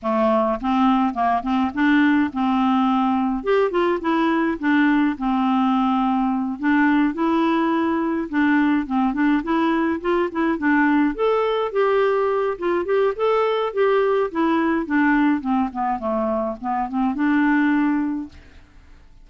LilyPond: \new Staff \with { instrumentName = "clarinet" } { \time 4/4 \tempo 4 = 105 a4 c'4 ais8 c'8 d'4 | c'2 g'8 f'8 e'4 | d'4 c'2~ c'8 d'8~ | d'8 e'2 d'4 c'8 |
d'8 e'4 f'8 e'8 d'4 a'8~ | a'8 g'4. f'8 g'8 a'4 | g'4 e'4 d'4 c'8 b8 | a4 b8 c'8 d'2 | }